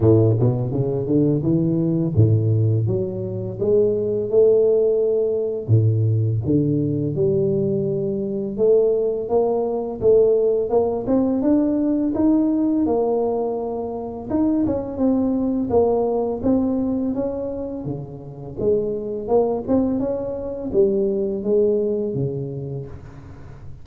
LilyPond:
\new Staff \with { instrumentName = "tuba" } { \time 4/4 \tempo 4 = 84 a,8 b,8 cis8 d8 e4 a,4 | fis4 gis4 a2 | a,4 d4 g2 | a4 ais4 a4 ais8 c'8 |
d'4 dis'4 ais2 | dis'8 cis'8 c'4 ais4 c'4 | cis'4 cis4 gis4 ais8 c'8 | cis'4 g4 gis4 cis4 | }